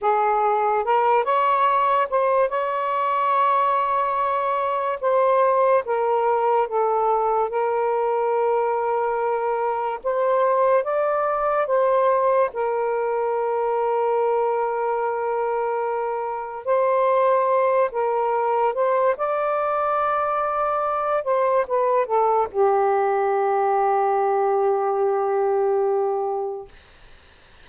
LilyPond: \new Staff \with { instrumentName = "saxophone" } { \time 4/4 \tempo 4 = 72 gis'4 ais'8 cis''4 c''8 cis''4~ | cis''2 c''4 ais'4 | a'4 ais'2. | c''4 d''4 c''4 ais'4~ |
ais'1 | c''4. ais'4 c''8 d''4~ | d''4. c''8 b'8 a'8 g'4~ | g'1 | }